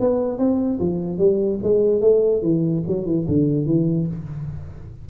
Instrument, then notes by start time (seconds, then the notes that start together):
tuba
0.00 B3
0.38 C4
0.80 F3
1.18 G3
1.63 G#3
2.01 A3
2.42 E3
2.87 F#3
3.06 E3
3.28 D3
3.66 E3